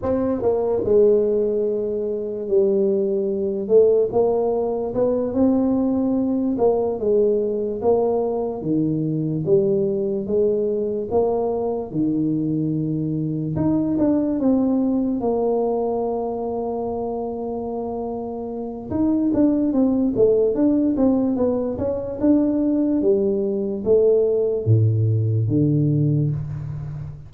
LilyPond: \new Staff \with { instrumentName = "tuba" } { \time 4/4 \tempo 4 = 73 c'8 ais8 gis2 g4~ | g8 a8 ais4 b8 c'4. | ais8 gis4 ais4 dis4 g8~ | g8 gis4 ais4 dis4.~ |
dis8 dis'8 d'8 c'4 ais4.~ | ais2. dis'8 d'8 | c'8 a8 d'8 c'8 b8 cis'8 d'4 | g4 a4 a,4 d4 | }